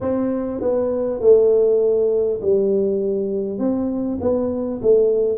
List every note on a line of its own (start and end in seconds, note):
0.01 0.61 C4
0.61 1.20 B3
1.20 2.40 A3
2.41 3.58 G3
3.58 4.18 C4
4.21 4.81 B3
4.82 5.37 A3